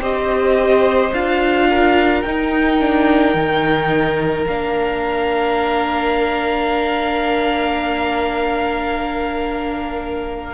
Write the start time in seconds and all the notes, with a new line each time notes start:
0.00 C4 G4 C5 D#5
1.13 D4 F4 F5
1.70 A#4
2.22 D#4 G5
2.81 D4
3.34 D#3 D#4
4.47 A#3 D4 F5